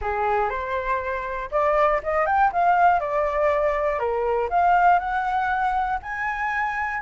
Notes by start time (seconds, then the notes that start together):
0.01 G#4
0.49 C5
1.51 D5
2.03 D#5
2.26 G5
2.52 F5
3.00 D5
3.99 A#4
4.49 F5
4.99 F#5
6.02 G#5